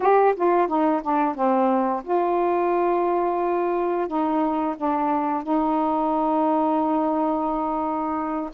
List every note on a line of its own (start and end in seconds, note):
0.00 0.34 G4
0.36 0.67 F4
0.67 1.01 D#4
1.02 1.34 D4
1.34 2.02 C4
2.03 4.07 F4
4.07 4.75 D#4
4.76 5.43 D4
5.43 8.50 D#4